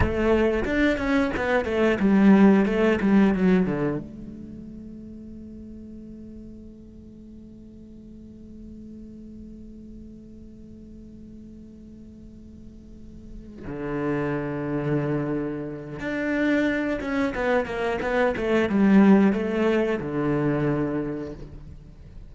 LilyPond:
\new Staff \with { instrumentName = "cello" } { \time 4/4 \tempo 4 = 90 a4 d'8 cis'8 b8 a8 g4 | a8 g8 fis8 d8 a2~ | a1~ | a1~ |
a1~ | a8 d2.~ d8 | d'4. cis'8 b8 ais8 b8 a8 | g4 a4 d2 | }